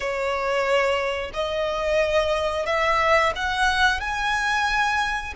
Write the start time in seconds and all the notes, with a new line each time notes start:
0.00 C#5
1.33 D#5
2.66 E5
3.35 F#5
4.00 G#5